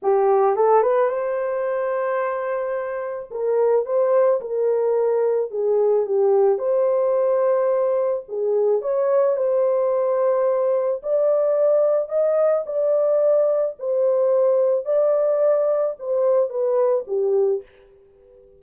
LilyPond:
\new Staff \with { instrumentName = "horn" } { \time 4/4 \tempo 4 = 109 g'4 a'8 b'8 c''2~ | c''2 ais'4 c''4 | ais'2 gis'4 g'4 | c''2. gis'4 |
cis''4 c''2. | d''2 dis''4 d''4~ | d''4 c''2 d''4~ | d''4 c''4 b'4 g'4 | }